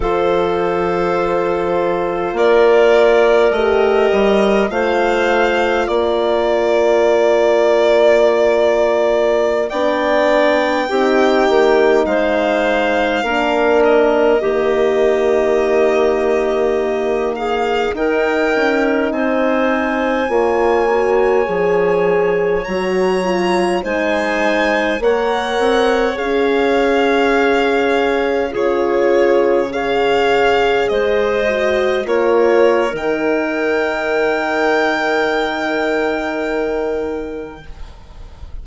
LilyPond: <<
  \new Staff \with { instrumentName = "violin" } { \time 4/4 \tempo 4 = 51 c''2 d''4 dis''4 | f''4 d''2.~ | d''16 g''2 f''4. dis''16~ | dis''2~ dis''8. f''8 g''8.~ |
g''16 gis''2. ais''8.~ | ais''16 gis''4 fis''4 f''4.~ f''16~ | f''16 cis''4 f''4 dis''4 cis''8. | g''1 | }
  \new Staff \with { instrumentName = "clarinet" } { \time 4/4 a'2 ais'2 | c''4 ais'2.~ | ais'16 d''4 g'4 c''4 ais'8.~ | ais'16 g'2~ g'8 gis'8 ais'8.~ |
ais'16 c''4 cis''2~ cis''8.~ | cis''16 c''4 cis''2~ cis''8.~ | cis''16 gis'4 cis''4 c''4 ais'8.~ | ais'1 | }
  \new Staff \with { instrumentName = "horn" } { \time 4/4 f'2. g'4 | f'1~ | f'16 d'4 dis'2 d'8.~ | d'16 ais2. dis'8.~ |
dis'4~ dis'16 f'8 fis'8 gis'4 fis'8 f'16~ | f'16 dis'4 ais'4 gis'4.~ gis'16~ | gis'16 f'4 gis'4. fis'8 f'8. | dis'1 | }
  \new Staff \with { instrumentName = "bassoon" } { \time 4/4 f2 ais4 a8 g8 | a4 ais2.~ | ais16 b4 c'8 ais8 gis4 ais8.~ | ais16 dis2. dis'8 cis'16~ |
cis'16 c'4 ais4 f4 fis8.~ | fis16 gis4 ais8 c'8 cis'4.~ cis'16~ | cis'16 cis2 gis4 ais8. | dis1 | }
>>